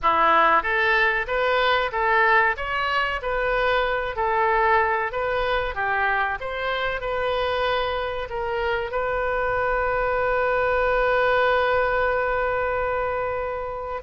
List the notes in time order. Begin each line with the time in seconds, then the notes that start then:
0.02 E4
0.62 A4
1.27 B4
1.92 A4
2.56 C#5
3.21 B4
4.16 A4
5.12 B4
5.74 G4
6.40 C5
7.00 B4
8.29 A#4
8.91 B4